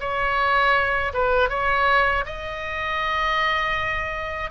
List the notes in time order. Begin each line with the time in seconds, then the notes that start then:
0.00 C#5
1.14 B4
1.49 C#5
2.26 D#5